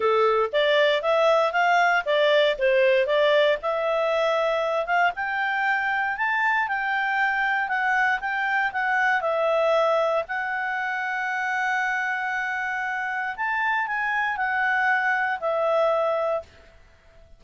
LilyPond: \new Staff \with { instrumentName = "clarinet" } { \time 4/4 \tempo 4 = 117 a'4 d''4 e''4 f''4 | d''4 c''4 d''4 e''4~ | e''4. f''8 g''2 | a''4 g''2 fis''4 |
g''4 fis''4 e''2 | fis''1~ | fis''2 a''4 gis''4 | fis''2 e''2 | }